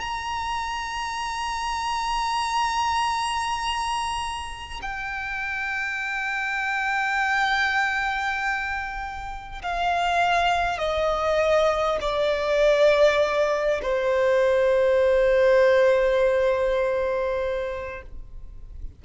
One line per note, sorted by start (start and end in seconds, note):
0.00 4.80 A#5
4.82 9.62 G5
9.62 10.78 F5
10.78 11.98 D#5
12.01 13.81 D5
13.82 18.02 C5